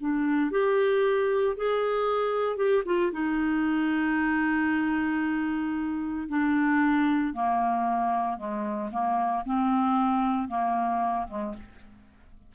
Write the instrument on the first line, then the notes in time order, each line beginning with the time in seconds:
clarinet
0.00 D4
0.51 G4
1.56 G#4
2.56 G4
2.85 F4
3.12 D#4
6.28 D4
7.33 A#3
8.37 G#3
8.91 A#3
9.45 C4
10.48 A#3
11.28 G#3